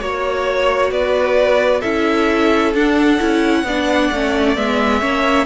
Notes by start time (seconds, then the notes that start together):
0.00 A#3 F#4 C#5
0.91 B3 B4 D5
1.80 C#4 E4 A4 E5
2.74 D4 F#5
3.19 C#4 E4
3.63 B3 D4 D5
4.12 A3 C#4
4.55 G#3 B3 E5
5.00 A#3 C#4 C#5